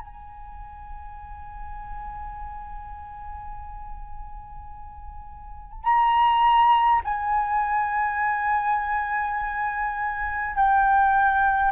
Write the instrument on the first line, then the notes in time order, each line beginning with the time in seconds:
flute
0.00 G#5
5.84 A#5
7.05 G#5
10.56 G5